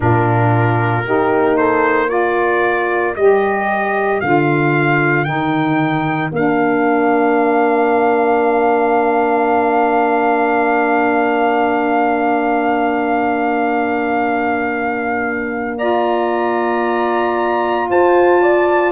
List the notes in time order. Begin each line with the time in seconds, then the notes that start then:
0.00 A#2 D4 F4 A#4
1.06 A#3 D#4 G4
1.57 A4 C5
2.07 F4 A#4 D5
3.15 G3 G4 D#5
4.20 D3 F4 F5
5.24 D#3 D#4 G5
6.32 A#3 D4 F5
15.78 F4 D5 A#5
17.89 F4 C5 A5
18.41 D5